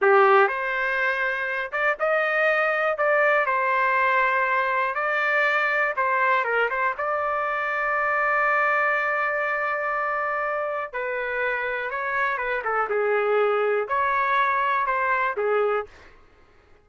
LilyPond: \new Staff \with { instrumentName = "trumpet" } { \time 4/4 \tempo 4 = 121 g'4 c''2~ c''8 d''8 | dis''2 d''4 c''4~ | c''2 d''2 | c''4 ais'8 c''8 d''2~ |
d''1~ | d''2 b'2 | cis''4 b'8 a'8 gis'2 | cis''2 c''4 gis'4 | }